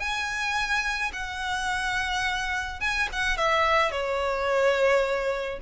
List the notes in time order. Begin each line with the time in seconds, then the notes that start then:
0.00 G#5
1.13 F#5
2.81 G#5
3.13 F#5
3.38 E5
3.92 C#5